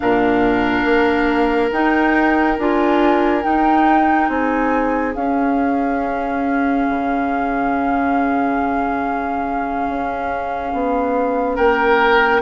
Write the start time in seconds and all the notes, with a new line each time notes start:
0.00 A#2 D4 A#4 F5
0.85 A#3
1.71 D#4 G5
2.58 D4 F4 G#5
3.42 D#4 G5
4.28 C4 G#4 G#5
5.14 C#4 F5
6.88 C#3
9.87 C#4
10.72 B3
11.55 A#3 A#4 G5